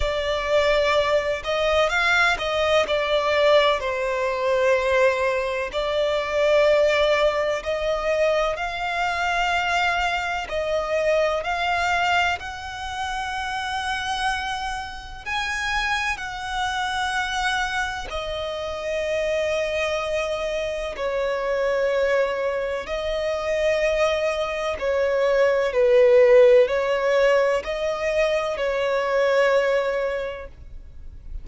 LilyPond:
\new Staff \with { instrumentName = "violin" } { \time 4/4 \tempo 4 = 63 d''4. dis''8 f''8 dis''8 d''4 | c''2 d''2 | dis''4 f''2 dis''4 | f''4 fis''2. |
gis''4 fis''2 dis''4~ | dis''2 cis''2 | dis''2 cis''4 b'4 | cis''4 dis''4 cis''2 | }